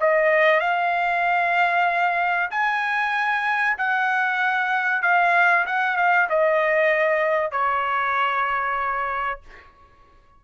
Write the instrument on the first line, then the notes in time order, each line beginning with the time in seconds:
trumpet
0.00 D#5
0.60 F5
2.50 G#5
3.78 F#5
5.02 F5
5.66 F#5
5.96 F5
6.29 D#5
7.51 C#5